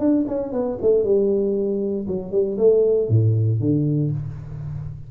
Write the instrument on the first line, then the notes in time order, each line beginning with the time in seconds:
tuba
0.00 D4
0.28 C#4
0.53 B3
0.82 A3
1.04 G3
2.08 F#3
2.32 G3
2.58 A3
3.09 A2
3.60 D3